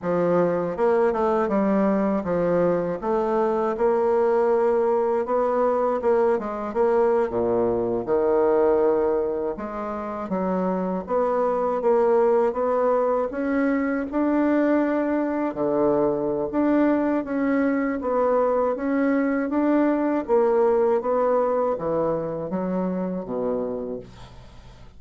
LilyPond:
\new Staff \with { instrumentName = "bassoon" } { \time 4/4 \tempo 4 = 80 f4 ais8 a8 g4 f4 | a4 ais2 b4 | ais8 gis8 ais8. ais,4 dis4~ dis16~ | dis8. gis4 fis4 b4 ais16~ |
ais8. b4 cis'4 d'4~ d'16~ | d'8. d4~ d16 d'4 cis'4 | b4 cis'4 d'4 ais4 | b4 e4 fis4 b,4 | }